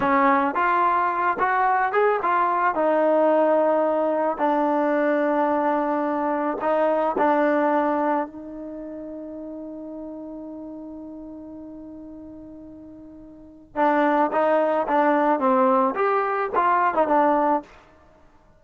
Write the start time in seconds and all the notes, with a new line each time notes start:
0.00 C#4
0.55 F4
1.39 F#4
1.92 G#4
2.22 F4
2.74 D#4
4.37 D4
6.61 D#4
7.18 D4
8.26 D#4
13.75 D4
14.31 D#4
14.87 D4
15.39 C4
15.95 G4
16.55 F4
16.94 D#4
17.07 D4